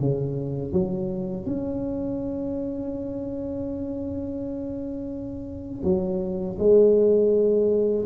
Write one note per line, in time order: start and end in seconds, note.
0.00 0.73 C#3
0.73 1.46 F#3
1.46 5.84 C#4
5.84 6.57 F#3
6.59 8.05 G#3